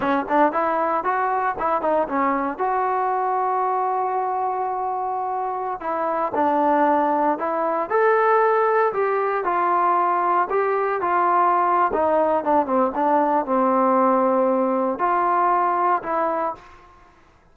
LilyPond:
\new Staff \with { instrumentName = "trombone" } { \time 4/4 \tempo 4 = 116 cis'8 d'8 e'4 fis'4 e'8 dis'8 | cis'4 fis'2.~ | fis'2.~ fis'16 e'8.~ | e'16 d'2 e'4 a'8.~ |
a'4~ a'16 g'4 f'4.~ f'16~ | f'16 g'4 f'4.~ f'16 dis'4 | d'8 c'8 d'4 c'2~ | c'4 f'2 e'4 | }